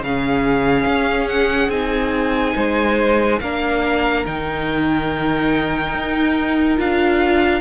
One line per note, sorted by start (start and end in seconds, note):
0.00 0.85 C#3
0.00 1.71 C#4
0.00 2.56 G#4
0.00 1.28 F5
0.86 1.68 C#4
1.28 1.70 F#5
1.68 2.53 C4
1.68 3.40 D#4
1.68 3.39 G#5
2.56 3.40 G#3
2.56 3.40 C5
3.40 4.25 A#3
3.40 4.26 D4
3.40 7.61 A#4
3.40 4.25 F5
4.26 5.94 D#3
4.26 6.77 D#4
4.26 6.79 G5
5.94 6.79 D#4
6.77 7.61 D4
6.77 7.61 F4
6.77 7.61 F5